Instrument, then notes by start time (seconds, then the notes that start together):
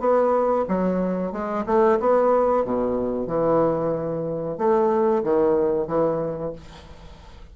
bassoon
0.00 B3
0.68 F#3
1.32 G#3
1.66 A3
2.00 B3
2.65 B2
3.27 E3
4.58 A3
5.24 D#3
5.88 E3